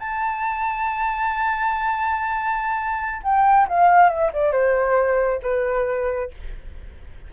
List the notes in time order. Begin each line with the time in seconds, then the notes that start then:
0.00 A5
3.23 G5
3.69 F5
4.10 E5
4.33 D5
4.53 C5
5.43 B4